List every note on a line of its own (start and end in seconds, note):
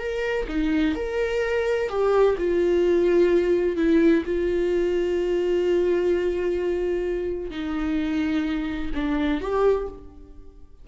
0.00 0.47 A#4
0.49 0.96 D#4
0.96 1.90 A#4
1.90 2.37 G4
2.38 3.77 F4
3.77 4.24 E4
4.26 7.51 F4
7.51 8.91 D#4
8.95 9.41 D4
9.41 9.88 G4